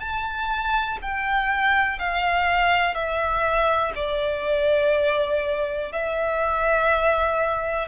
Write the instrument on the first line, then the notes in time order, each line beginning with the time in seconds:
violin
0.00 A5
1.02 G5
1.99 F5
2.95 E5
3.96 D5
5.92 E5